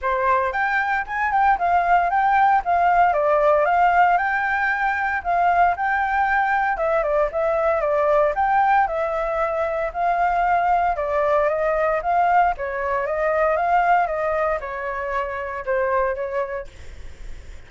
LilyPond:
\new Staff \with { instrumentName = "flute" } { \time 4/4 \tempo 4 = 115 c''4 g''4 gis''8 g''8 f''4 | g''4 f''4 d''4 f''4 | g''2 f''4 g''4~ | g''4 e''8 d''8 e''4 d''4 |
g''4 e''2 f''4~ | f''4 d''4 dis''4 f''4 | cis''4 dis''4 f''4 dis''4 | cis''2 c''4 cis''4 | }